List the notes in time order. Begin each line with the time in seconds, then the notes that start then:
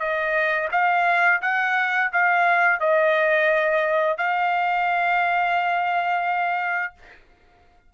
0.00 D#5
0.72 F5
1.42 F#5
2.13 F5
2.80 D#5
4.18 F5